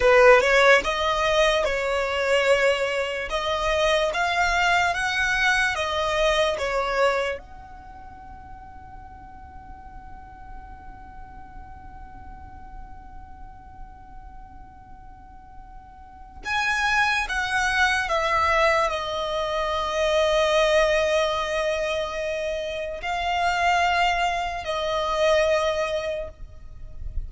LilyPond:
\new Staff \with { instrumentName = "violin" } { \time 4/4 \tempo 4 = 73 b'8 cis''8 dis''4 cis''2 | dis''4 f''4 fis''4 dis''4 | cis''4 fis''2.~ | fis''1~ |
fis''1 | gis''4 fis''4 e''4 dis''4~ | dis''1 | f''2 dis''2 | }